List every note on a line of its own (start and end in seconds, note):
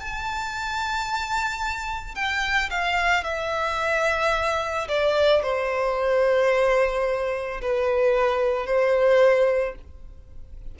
0.00 2.15 A5
2.15 2.70 G5
2.70 3.24 F5
3.24 4.87 E5
4.88 5.42 D5
5.42 7.61 C5
7.61 8.66 B4
8.66 9.75 C5